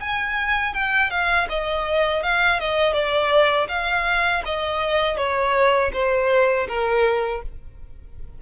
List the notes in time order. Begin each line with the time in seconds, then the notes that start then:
0.00 G#5
0.74 G5
1.10 F5
1.49 D#5
2.23 F5
2.60 D#5
2.93 D5
3.68 F5
4.45 D#5
5.17 C#5
5.93 C5
6.68 A#4